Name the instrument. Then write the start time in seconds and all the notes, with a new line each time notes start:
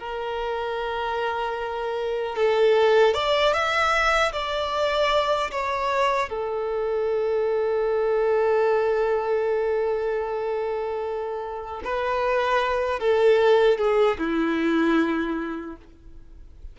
violin
0.00 A#4
2.36 A4
3.14 D5
3.53 E5
4.32 D5
5.51 C#5
6.29 A4
11.84 B4
13.00 A4
13.78 G#4
14.19 E4